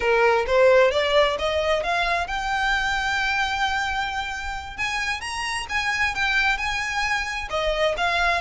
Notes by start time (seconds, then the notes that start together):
0.00 A#4
0.46 C5
0.91 D5
1.39 D#5
1.83 F5
2.27 G5
4.77 G#5
5.20 A#5
5.69 G#5
6.14 G5
6.57 G#5
7.49 D#5
7.97 F5